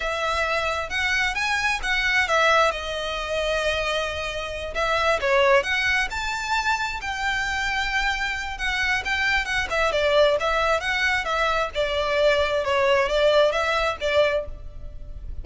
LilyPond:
\new Staff \with { instrumentName = "violin" } { \time 4/4 \tempo 4 = 133 e''2 fis''4 gis''4 | fis''4 e''4 dis''2~ | dis''2~ dis''8 e''4 cis''8~ | cis''8 fis''4 a''2 g''8~ |
g''2. fis''4 | g''4 fis''8 e''8 d''4 e''4 | fis''4 e''4 d''2 | cis''4 d''4 e''4 d''4 | }